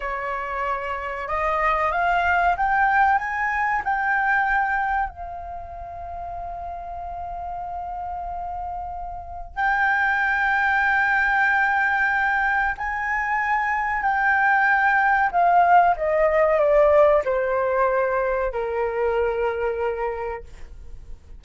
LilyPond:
\new Staff \with { instrumentName = "flute" } { \time 4/4 \tempo 4 = 94 cis''2 dis''4 f''4 | g''4 gis''4 g''2 | f''1~ | f''2. g''4~ |
g''1 | gis''2 g''2 | f''4 dis''4 d''4 c''4~ | c''4 ais'2. | }